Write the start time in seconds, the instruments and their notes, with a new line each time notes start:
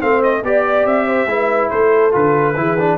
0.00 tuba A3, trombone C4, horn C5, trumpet F5
0.23 trumpet D#5
0.43 tuba B3, trombone G4, trumpet D5, horn D5
0.86 tuba C4, trumpet E5
1.07 horn C5
1.27 tuba G#3, trombone E4, horn B4
1.70 tuba A3, horn A4, trumpet C5
2.12 tuba D3, trombone F4, trumpet B4
2.57 tuba E3, trombone E4, horn G#4
2.79 trombone D4